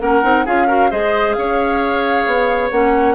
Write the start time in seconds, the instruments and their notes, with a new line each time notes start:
0.00 bassoon A#3, clarinet C#4, oboe A#4, flute F#5
0.23 bassoon C4, clarinet D#4
0.45 bassoon C#4, clarinet F4, oboe G#4, flute F5
0.67 clarinet F#4, oboe A#4
0.90 bassoon G#3, clarinet G#4, oboe C5, flute D#5
1.33 bassoon C#4, oboe C#5, flute F5
2.26 bassoon B3
2.71 bassoon A#3, clarinet C#4, flute F#5